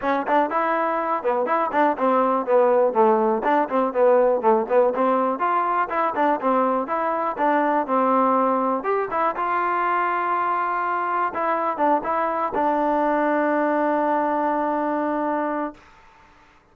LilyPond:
\new Staff \with { instrumentName = "trombone" } { \time 4/4 \tempo 4 = 122 cis'8 d'8 e'4. b8 e'8 d'8 | c'4 b4 a4 d'8 c'8 | b4 a8 b8 c'4 f'4 | e'8 d'8 c'4 e'4 d'4 |
c'2 g'8 e'8 f'4~ | f'2. e'4 | d'8 e'4 d'2~ d'8~ | d'1 | }